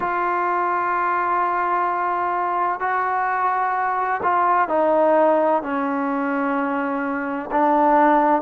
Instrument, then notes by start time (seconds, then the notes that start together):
trombone
0.00 F4
2.80 F#4
4.22 F4
4.68 D#4
5.62 C#4
7.51 D4